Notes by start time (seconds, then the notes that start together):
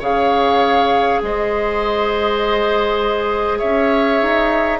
0.00 C#3 G#4 C#5 F5
1.23 G#3 C5 D#5
3.59 C#4 C#5 E5
4.22 D#4